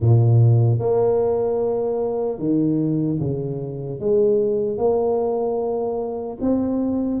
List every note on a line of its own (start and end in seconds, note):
0.00 0.79 A#2
0.79 2.39 A#3
2.39 3.19 D#3
3.19 3.99 C#3
3.99 4.77 G#3
4.77 6.37 A#3
6.40 7.20 C4